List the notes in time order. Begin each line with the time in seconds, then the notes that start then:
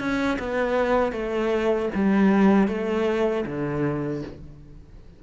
0.00 C#4
0.40 B3
1.13 A3
1.95 G3
2.68 A3
3.46 D3